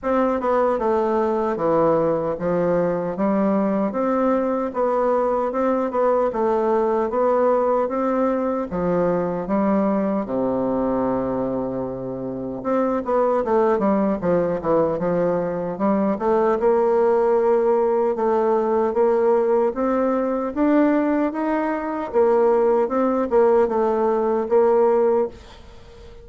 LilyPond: \new Staff \with { instrumentName = "bassoon" } { \time 4/4 \tempo 4 = 76 c'8 b8 a4 e4 f4 | g4 c'4 b4 c'8 b8 | a4 b4 c'4 f4 | g4 c2. |
c'8 b8 a8 g8 f8 e8 f4 | g8 a8 ais2 a4 | ais4 c'4 d'4 dis'4 | ais4 c'8 ais8 a4 ais4 | }